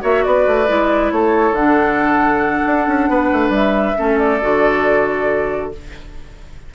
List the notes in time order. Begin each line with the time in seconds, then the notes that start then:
0.00 A#3 F#4 C#5 E5
0.23 B3 B4 D5
0.47 A3
0.67 G#3 E4
1.11 A3 A4 C#5
1.52 D3 D4 F#5
2.66 D4
2.87 C#4
3.08 B3 B4
3.32 A3
3.49 G3 E5
3.96 A3 C#4 A4
4.18 D5
4.41 D3 F#4